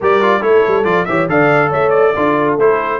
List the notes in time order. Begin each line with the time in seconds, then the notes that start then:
0.00 G3 G4 A#4 D5
0.21 F4
0.40 A3 E4 A4 C#5
0.67 G3
0.84 F3 F4 D5
1.05 E3 G4 C#5 E5
1.28 D3 A4 D5 F5
1.69 A3 C#5 E5
1.89 D5
2.14 D4 F4 A4
2.57 A3 E4 C5